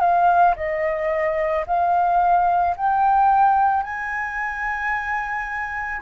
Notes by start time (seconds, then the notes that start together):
0.00 F5
0.56 D#5
1.66 F5
2.76 G5
3.83 G#5